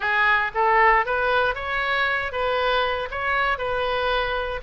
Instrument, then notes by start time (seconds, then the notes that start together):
oboe
0.00 G#4
0.54 A4
1.05 B4
1.55 C#5
2.31 B4
3.10 C#5
3.58 B4